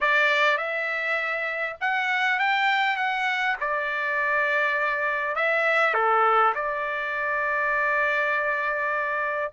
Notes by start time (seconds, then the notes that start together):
0.01 D5
0.57 E5
1.80 F#5
2.39 G5
2.96 F#5
3.60 D5
5.35 E5
5.94 A4
6.54 D5